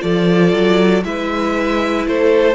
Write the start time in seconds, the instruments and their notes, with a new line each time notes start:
0.00 cello F3, viola F4, violin A4 D5
0.54 cello F#3
1.04 cello G#3, viola E4, violin B4 E5
2.06 cello A3, violin A4 C5